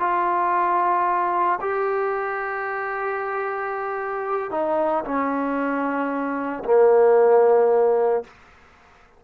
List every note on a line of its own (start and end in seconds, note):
0.00 1.59 F4
1.61 4.51 G4
4.51 5.04 D#4
5.05 6.64 C#4
6.65 8.24 A#3